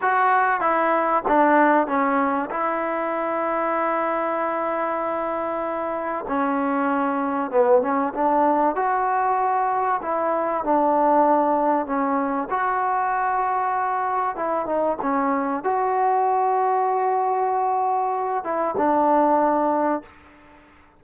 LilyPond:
\new Staff \with { instrumentName = "trombone" } { \time 4/4 \tempo 4 = 96 fis'4 e'4 d'4 cis'4 | e'1~ | e'2 cis'2 | b8 cis'8 d'4 fis'2 |
e'4 d'2 cis'4 | fis'2. e'8 dis'8 | cis'4 fis'2.~ | fis'4. e'8 d'2 | }